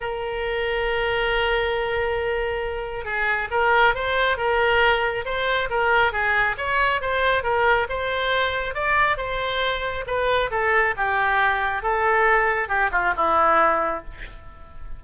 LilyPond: \new Staff \with { instrumentName = "oboe" } { \time 4/4 \tempo 4 = 137 ais'1~ | ais'2. gis'4 | ais'4 c''4 ais'2 | c''4 ais'4 gis'4 cis''4 |
c''4 ais'4 c''2 | d''4 c''2 b'4 | a'4 g'2 a'4~ | a'4 g'8 f'8 e'2 | }